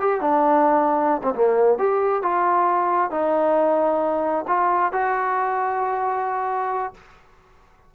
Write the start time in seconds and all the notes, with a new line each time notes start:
0.00 G4
0.21 D4
1.23 C4
1.35 A#3
1.78 G4
2.22 F4
3.11 D#4
4.48 F4
4.93 F#4